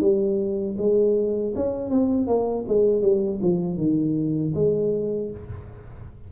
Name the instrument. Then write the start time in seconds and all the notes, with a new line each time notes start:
tuba
0.00 G3
0.78 G#3
1.55 C#4
1.90 C4
2.27 A#3
2.68 G#3
3.02 G3
3.42 F3
3.77 D#3
4.55 G#3